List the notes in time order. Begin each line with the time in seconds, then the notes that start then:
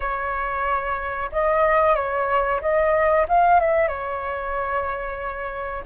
0.00 C#5
1.32 D#5
1.95 C#5
2.61 D#5
3.28 F5
3.60 E5
3.88 C#5